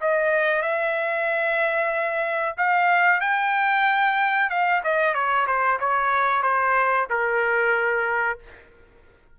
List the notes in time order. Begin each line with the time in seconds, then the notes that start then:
0.00 D#5
0.62 E5
2.57 F5
3.20 G5
4.49 F5
4.84 D#5
5.14 C#5
5.47 C5
5.79 C#5
6.42 C5
7.09 A#4